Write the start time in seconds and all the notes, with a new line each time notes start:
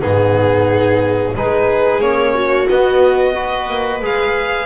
0.00 G#2 B3 D#4 G#4
1.35 G#3 D#4 G#4 B4
2.00 A#3 C#4 C#5
2.34 F#4
2.69 B3 D#5
3.35 F#4 B4
3.69 A#3
4.02 G#3 G#4 F5